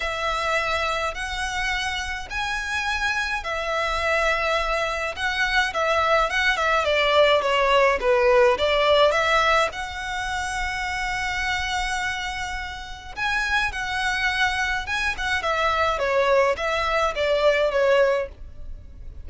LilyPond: \new Staff \with { instrumentName = "violin" } { \time 4/4 \tempo 4 = 105 e''2 fis''2 | gis''2 e''2~ | e''4 fis''4 e''4 fis''8 e''8 | d''4 cis''4 b'4 d''4 |
e''4 fis''2.~ | fis''2. gis''4 | fis''2 gis''8 fis''8 e''4 | cis''4 e''4 d''4 cis''4 | }